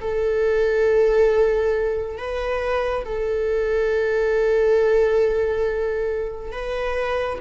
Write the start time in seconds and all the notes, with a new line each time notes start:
0.00 A4
2.17 B4
3.04 A4
6.52 B4